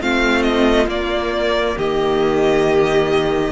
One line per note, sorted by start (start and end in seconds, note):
0.00 0.87 A3
0.00 0.86 C4
0.00 1.76 F4
0.00 0.42 F5
0.42 0.86 D#5
0.86 3.51 A#3
0.86 1.75 A#3
0.86 1.78 D5
1.76 3.51 D#3
1.76 3.51 G4
1.76 3.51 D#5